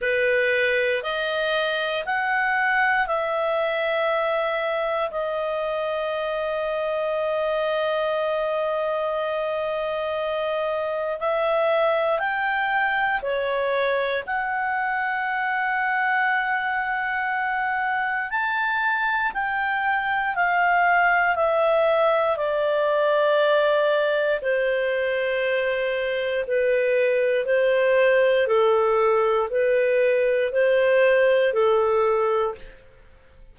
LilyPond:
\new Staff \with { instrumentName = "clarinet" } { \time 4/4 \tempo 4 = 59 b'4 dis''4 fis''4 e''4~ | e''4 dis''2.~ | dis''2. e''4 | g''4 cis''4 fis''2~ |
fis''2 a''4 g''4 | f''4 e''4 d''2 | c''2 b'4 c''4 | a'4 b'4 c''4 a'4 | }